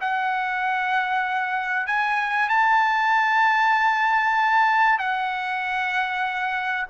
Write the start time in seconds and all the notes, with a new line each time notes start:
0.00 F#5
1.86 G#5
2.49 A5
4.98 F#5